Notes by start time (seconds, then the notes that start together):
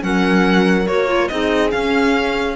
0.00 F#3 C#4 A#4 F#5
0.87 A#3 F#4 C#5
1.08 F4
1.28 C4 D#4 G#4 D#5
1.70 C#4 F5